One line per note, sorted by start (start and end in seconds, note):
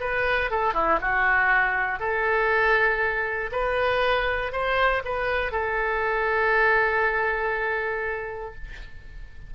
0.00 0.50 B4
0.50 0.74 A4
0.74 0.99 E4
1.01 1.99 F#4
1.99 3.50 A4
3.52 4.52 B4
4.52 5.02 C5
5.04 5.52 B4
5.52 8.54 A4